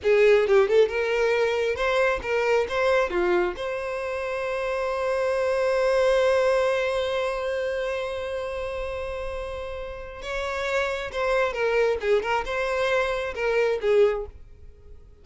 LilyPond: \new Staff \with { instrumentName = "violin" } { \time 4/4 \tempo 4 = 135 gis'4 g'8 a'8 ais'2 | c''4 ais'4 c''4 f'4 | c''1~ | c''1~ |
c''1~ | c''2. cis''4~ | cis''4 c''4 ais'4 gis'8 ais'8 | c''2 ais'4 gis'4 | }